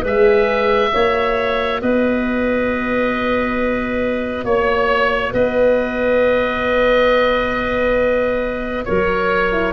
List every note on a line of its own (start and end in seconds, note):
0.00 0.92 G#3
0.00 0.90 G#4
0.00 0.88 B4
0.06 1.81 E5
0.90 1.82 A#3
0.90 9.50 F#4
0.90 1.81 C#5
1.81 4.44 B3
1.81 4.46 B4
1.81 4.45 D#5
4.44 5.32 A#3
4.44 5.33 C#5
4.44 5.31 C#5
5.31 8.86 B3
5.31 8.84 B4
5.31 8.85 D#5
8.85 9.73 F#3
8.85 9.73 A#4
8.85 9.73 C#5
9.51 9.73 E4